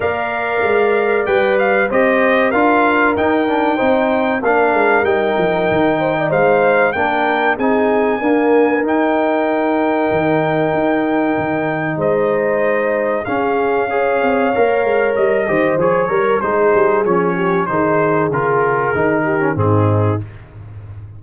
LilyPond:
<<
  \new Staff \with { instrumentName = "trumpet" } { \time 4/4 \tempo 4 = 95 f''2 g''8 f''8 dis''4 | f''4 g''2 f''4 | g''2 f''4 g''4 | gis''2 g''2~ |
g''2. dis''4~ | dis''4 f''2. | dis''4 cis''4 c''4 cis''4 | c''4 ais'2 gis'4 | }
  \new Staff \with { instrumentName = "horn" } { \time 4/4 d''2. c''4 | ais'2 c''4 ais'4~ | ais'4. c''16 d''16 c''4 ais'4 | gis'4 ais'2.~ |
ais'2. c''4~ | c''4 gis'4 cis''2~ | cis''8 c''4 ais'8 gis'4. g'8 | gis'2~ gis'8 g'8 dis'4 | }
  \new Staff \with { instrumentName = "trombone" } { \time 4/4 ais'2 b'4 g'4 | f'4 dis'8 d'8 dis'4 d'4 | dis'2. d'4 | dis'4 ais4 dis'2~ |
dis'1~ | dis'4 cis'4 gis'4 ais'4~ | ais'8 g'8 gis'8 ais'8 dis'4 cis'4 | dis'4 f'4 dis'8. cis'16 c'4 | }
  \new Staff \with { instrumentName = "tuba" } { \time 4/4 ais4 gis4 g4 c'4 | d'4 dis'4 c'4 ais8 gis8 | g8 f8 dis4 gis4 ais4 | c'4 d'4 dis'2 |
dis4 dis'4 dis4 gis4~ | gis4 cis'4. c'8 ais8 gis8 | g8 dis8 f8 g8 gis8 g8 f4 | dis4 cis4 dis4 gis,4 | }
>>